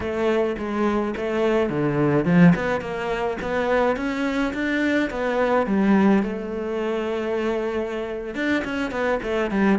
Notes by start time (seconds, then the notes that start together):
0.00 A3
0.57 G#3
1.16 A3
1.69 D3
2.25 F3
2.55 B3
2.80 A#3
3.41 B3
3.96 C#4
4.53 D4
5.10 B3
5.66 G3
6.22 A3
8.35 D4
8.64 C#4
8.91 B3
9.22 A3
9.50 G3